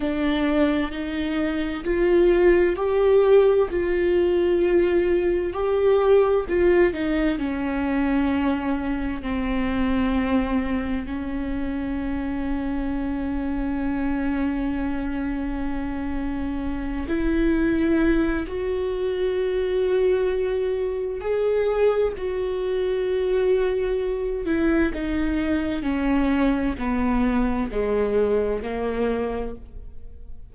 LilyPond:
\new Staff \with { instrumentName = "viola" } { \time 4/4 \tempo 4 = 65 d'4 dis'4 f'4 g'4 | f'2 g'4 f'8 dis'8 | cis'2 c'2 | cis'1~ |
cis'2~ cis'8 e'4. | fis'2. gis'4 | fis'2~ fis'8 e'8 dis'4 | cis'4 b4 gis4 ais4 | }